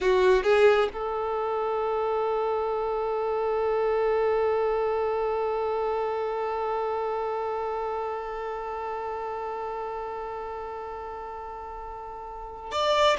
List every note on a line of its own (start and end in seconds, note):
0.00 0.43 F#4
0.43 0.88 G#4
0.93 12.71 A4
12.71 13.17 D5